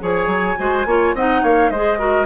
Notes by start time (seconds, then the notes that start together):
0.00 F3 G#4 C#5 G#5
0.27 F#3
0.57 G#3 F#4 C5
0.85 A#3 F4 C#5
1.14 C4 D#4 D#5 F#5
1.42 A#3 C#5 F5
1.70 G#3 G#4 C5 D#5
1.98 F#4 A#4